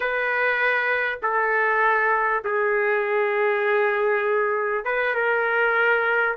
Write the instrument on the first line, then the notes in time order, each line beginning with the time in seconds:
trumpet
0.00 B4
1.22 A4
2.44 G#4
4.84 B4
5.14 A#4